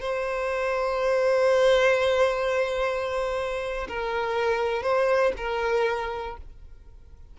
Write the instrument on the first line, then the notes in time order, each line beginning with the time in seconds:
violin
0.00 C5
3.88 A#4
4.83 C5
5.37 A#4